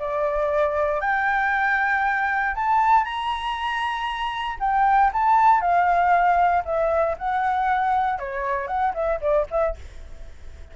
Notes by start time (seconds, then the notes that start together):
0.00 D5
1.01 G5
2.55 A5
3.05 A#5
4.60 G5
5.14 A5
5.61 F5
6.65 E5
7.19 F#5
8.20 C#5
8.68 F#5
8.95 E5
9.22 D5
9.51 E5